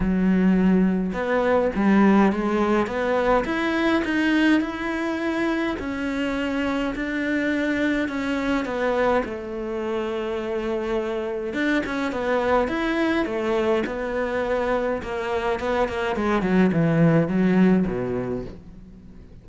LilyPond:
\new Staff \with { instrumentName = "cello" } { \time 4/4 \tempo 4 = 104 fis2 b4 g4 | gis4 b4 e'4 dis'4 | e'2 cis'2 | d'2 cis'4 b4 |
a1 | d'8 cis'8 b4 e'4 a4 | b2 ais4 b8 ais8 | gis8 fis8 e4 fis4 b,4 | }